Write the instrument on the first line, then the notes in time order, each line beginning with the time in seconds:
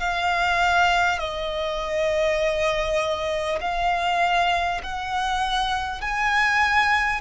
violin
0.00 F5
1.19 D#5
3.61 F5
4.83 F#5
6.01 G#5